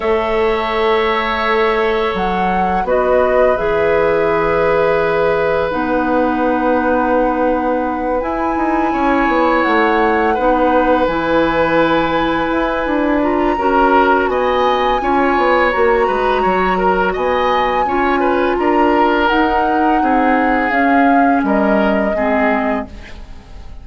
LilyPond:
<<
  \new Staff \with { instrumentName = "flute" } { \time 4/4 \tempo 4 = 84 e''2. fis''4 | dis''4 e''2. | fis''2.~ fis''8 gis''8~ | gis''4. fis''2 gis''8~ |
gis''2~ gis''8 ais''4. | gis''2 ais''2 | gis''2 ais''4 fis''4~ | fis''4 f''4 dis''2 | }
  \new Staff \with { instrumentName = "oboe" } { \time 4/4 cis''1 | b'1~ | b'1~ | b'8 cis''2 b'4.~ |
b'2. ais'4 | dis''4 cis''4. b'8 cis''8 ais'8 | dis''4 cis''8 b'8 ais'2 | gis'2 ais'4 gis'4 | }
  \new Staff \with { instrumentName = "clarinet" } { \time 4/4 a'1 | fis'4 gis'2. | dis'2.~ dis'8 e'8~ | e'2~ e'8 dis'4 e'8~ |
e'2~ e'8 f'8 fis'4~ | fis'4 f'4 fis'2~ | fis'4 f'2 dis'4~ | dis'4 cis'2 c'4 | }
  \new Staff \with { instrumentName = "bassoon" } { \time 4/4 a2. fis4 | b4 e2. | b2.~ b8 e'8 | dis'8 cis'8 b8 a4 b4 e8~ |
e4. e'8 d'4 cis'4 | b4 cis'8 b8 ais8 gis8 fis4 | b4 cis'4 d'4 dis'4 | c'4 cis'4 g4 gis4 | }
>>